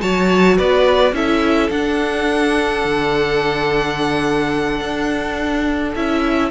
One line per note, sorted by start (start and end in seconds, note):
0.00 0.59 F#3
0.00 1.13 F#4
0.00 0.57 C#5
0.00 0.57 A5
0.57 1.12 B3
0.57 1.14 B4
0.57 1.15 D5
1.12 1.69 C#4
1.12 1.71 E4
1.12 6.51 A4
1.12 1.70 E5
1.70 2.83 D4
1.70 5.96 D4
1.70 5.95 F#5
2.84 4.81 D3
4.81 5.94 D4
5.95 6.51 C#4
5.95 6.51 E4
5.95 6.51 E5